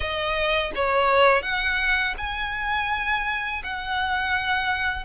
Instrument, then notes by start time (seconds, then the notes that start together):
violin
0.00 D#5
0.75 C#5
1.42 F#5
2.17 G#5
3.63 F#5